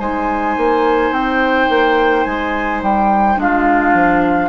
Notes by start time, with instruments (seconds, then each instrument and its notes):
0.00 bassoon G#3, clarinet D#4, oboe C5, flute G#5
0.58 bassoon A#3
1.11 bassoon C4, flute G5
1.69 bassoon A#3
2.24 bassoon G#3, flute G#5
2.83 bassoon G3, flute G5
3.37 bassoon G#3, clarinet D4, oboe F4, flute F5
3.94 bassoon F3